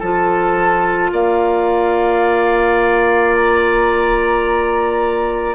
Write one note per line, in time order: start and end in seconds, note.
0.00 1.12 F3
0.00 5.55 F4
0.00 1.11 A4
0.00 1.11 A5
1.12 5.55 A#3
1.12 5.55 D5
1.12 3.35 F5
3.35 5.55 A#5